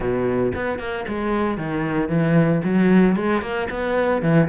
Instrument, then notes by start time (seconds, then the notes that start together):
cello
0.00 B2
0.55 B3
0.78 A#3
1.07 G#3
1.57 D#3
2.08 E3
2.63 F#3
3.16 G#3
3.41 A#3
3.70 B3
4.22 E3